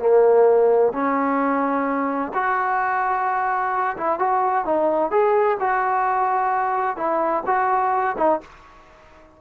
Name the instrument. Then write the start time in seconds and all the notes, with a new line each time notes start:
trombone
0.00 A#3
0.93 C#4
2.34 F#4
3.97 E4
4.20 F#4
4.66 D#4
5.11 G#4
5.60 F#4
6.97 E4
7.47 F#4
8.18 D#4